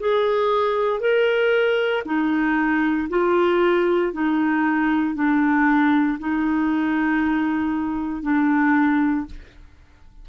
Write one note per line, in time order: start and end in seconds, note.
0.00 1.00 G#4
1.00 2.04 A#4
2.05 3.09 D#4
3.10 4.13 F4
4.13 5.15 D#4
5.15 6.19 D4
6.20 8.23 D#4
8.23 9.26 D4